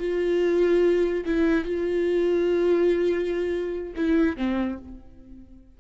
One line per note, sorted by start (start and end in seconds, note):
0.00 1.25 F4
1.26 1.65 E4
1.65 3.94 F4
3.96 4.37 E4
4.37 4.79 C4